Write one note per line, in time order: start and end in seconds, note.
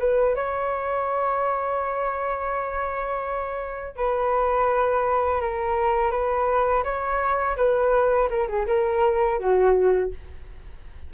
0.00 0.35 B4
0.35 3.97 C#5
3.97 5.41 B4
5.41 6.12 A#4
6.12 6.84 B4
6.84 7.56 C#5
7.57 8.29 B4
8.30 8.48 A#4
8.48 8.66 G#4
8.67 9.39 A#4
9.39 10.11 F#4